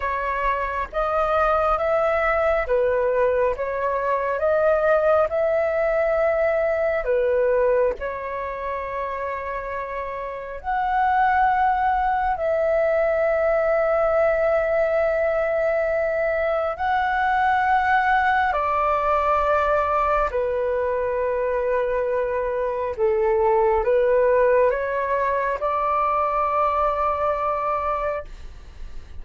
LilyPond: \new Staff \with { instrumentName = "flute" } { \time 4/4 \tempo 4 = 68 cis''4 dis''4 e''4 b'4 | cis''4 dis''4 e''2 | b'4 cis''2. | fis''2 e''2~ |
e''2. fis''4~ | fis''4 d''2 b'4~ | b'2 a'4 b'4 | cis''4 d''2. | }